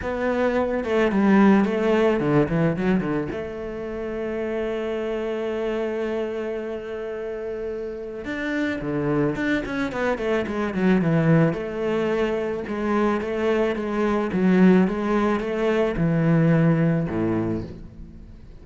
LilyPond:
\new Staff \with { instrumentName = "cello" } { \time 4/4 \tempo 4 = 109 b4. a8 g4 a4 | d8 e8 fis8 d8 a2~ | a1~ | a2. d'4 |
d4 d'8 cis'8 b8 a8 gis8 fis8 | e4 a2 gis4 | a4 gis4 fis4 gis4 | a4 e2 a,4 | }